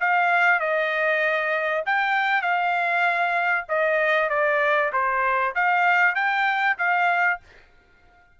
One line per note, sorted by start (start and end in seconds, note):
0.00 0.60 F5
0.60 1.84 D#5
1.86 2.42 G5
2.42 3.65 F5
3.68 4.29 D#5
4.29 4.91 D5
4.92 5.54 C5
5.55 6.15 F5
6.15 6.77 G5
6.78 7.40 F5